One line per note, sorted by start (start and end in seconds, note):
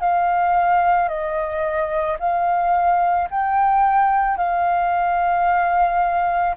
0.00 1.08 F5
1.08 2.17 D#5
2.19 3.28 F5
3.30 4.37 G5
4.37 6.55 F5